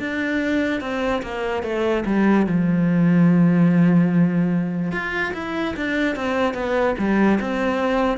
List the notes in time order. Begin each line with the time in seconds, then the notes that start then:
0.00 D4
0.81 C4
1.23 A#3
1.63 A3
2.06 G3
2.47 F3
4.92 F4
5.34 E4
5.77 D4
6.16 C4
6.55 B3
6.99 G3
7.41 C4